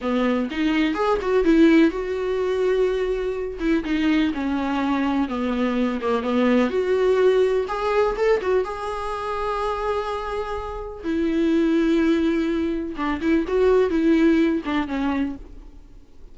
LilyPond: \new Staff \with { instrumentName = "viola" } { \time 4/4 \tempo 4 = 125 b4 dis'4 gis'8 fis'8 e'4 | fis'2.~ fis'8 e'8 | dis'4 cis'2 b4~ | b8 ais8 b4 fis'2 |
gis'4 a'8 fis'8 gis'2~ | gis'2. e'4~ | e'2. d'8 e'8 | fis'4 e'4. d'8 cis'4 | }